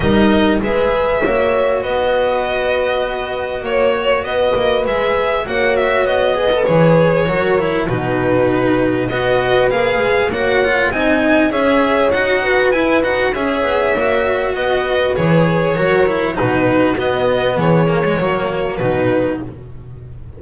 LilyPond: <<
  \new Staff \with { instrumentName = "violin" } { \time 4/4 \tempo 4 = 99 dis''4 e''2 dis''4~ | dis''2 cis''4 dis''4 | e''4 fis''8 e''8 dis''4 cis''4~ | cis''4 b'2 dis''4 |
f''4 fis''4 gis''4 e''4 | fis''4 gis''8 fis''8 e''2 | dis''4 cis''2 b'4 | dis''4 cis''2 b'4 | }
  \new Staff \with { instrumentName = "horn" } { \time 4/4 ais'4 b'4 cis''4 b'4~ | b'2 cis''4 b'4~ | b'4 cis''4. b'4. | ais'4 fis'2 b'4~ |
b'4 cis''4 dis''4 cis''4~ | cis''8 b'4. cis''2 | b'2 ais'4 fis'4~ | fis'4 gis'4 fis'2 | }
  \new Staff \with { instrumentName = "cello" } { \time 4/4 dis'4 gis'4 fis'2~ | fis'1 | gis'4 fis'4. gis'16 a'16 gis'4 | fis'8 e'8 dis'2 fis'4 |
gis'4 fis'8 f'8 dis'4 gis'4 | fis'4 e'8 fis'8 gis'4 fis'4~ | fis'4 gis'4 fis'8 e'8 dis'4 | b4. ais16 gis16 ais4 dis'4 | }
  \new Staff \with { instrumentName = "double bass" } { \time 4/4 g4 gis4 ais4 b4~ | b2 ais4 b8 ais8 | gis4 ais4 b4 e4 | fis4 b,2 b4 |
ais8 gis8 ais4 c'4 cis'4 | dis'4 e'8 dis'8 cis'8 b8 ais4 | b4 e4 fis4 b,4 | b4 e4 fis4 b,4 | }
>>